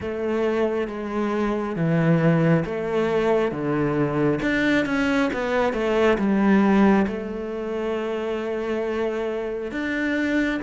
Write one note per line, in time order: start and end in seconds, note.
0.00 0.87 A3
0.87 1.76 G#3
1.76 2.64 E3
2.65 3.51 A3
3.51 4.39 D3
4.42 4.85 D4
4.85 5.29 C#4
5.33 5.73 B3
5.73 6.17 A3
6.18 7.06 G3
7.07 9.71 A3
9.71 10.60 D4